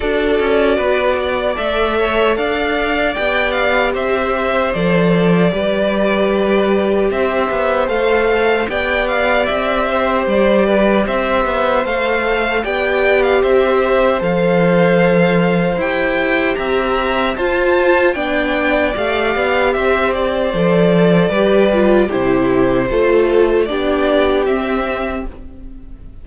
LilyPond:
<<
  \new Staff \with { instrumentName = "violin" } { \time 4/4 \tempo 4 = 76 d''2 e''4 f''4 | g''8 f''8 e''4 d''2~ | d''4 e''4 f''4 g''8 f''8 | e''4 d''4 e''4 f''4 |
g''8. f''16 e''4 f''2 | g''4 ais''4 a''4 g''4 | f''4 e''8 d''2~ d''8 | c''2 d''4 e''4 | }
  \new Staff \with { instrumentName = "violin" } { \time 4/4 a'4 b'8 d''4 cis''8 d''4~ | d''4 c''2 b'4~ | b'4 c''2 d''4~ | d''8 c''4 b'8 c''2 |
d''4 c''2.~ | c''4 e''4 c''4 d''4~ | d''4 c''2 b'4 | g'4 a'4 g'2 | }
  \new Staff \with { instrumentName = "viola" } { \time 4/4 fis'2 a'2 | g'2 a'4 g'4~ | g'2 a'4 g'4~ | g'2. a'4 |
g'2 a'2 | g'2 f'4 d'4 | g'2 a'4 g'8 f'8 | e'4 f'4 d'4 c'4 | }
  \new Staff \with { instrumentName = "cello" } { \time 4/4 d'8 cis'8 b4 a4 d'4 | b4 c'4 f4 g4~ | g4 c'8 b8 a4 b4 | c'4 g4 c'8 b8 a4 |
b4 c'4 f2 | e'4 c'4 f'4 b4 | a8 b8 c'4 f4 g4 | c4 a4 b4 c'4 | }
>>